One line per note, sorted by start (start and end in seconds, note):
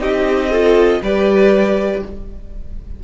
0.00 1.00 C4
0.00 0.50 D#4
0.00 0.50 G4
0.00 1.02 D#5
0.50 1.02 F4
0.50 1.00 A4
1.02 2.02 G3
1.02 2.03 G4
1.02 2.02 B4
1.02 2.04 D5